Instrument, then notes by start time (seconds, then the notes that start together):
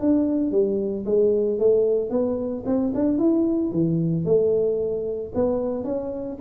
tuba
0.00 D4
0.51 G3
1.05 G#3
1.59 A3
2.10 B3
2.66 C4
2.95 D4
3.18 E4
3.72 E3
4.25 A3
5.34 B3
5.84 C#4